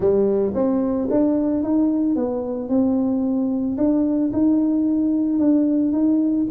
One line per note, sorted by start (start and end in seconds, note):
0.00 0.53 G3
0.54 1.08 C4
1.10 1.63 D4
1.63 2.15 D#4
2.15 2.68 B3
2.68 3.76 C4
3.77 4.31 D4
4.32 5.39 D#4
5.39 5.92 D4
5.92 6.46 D#4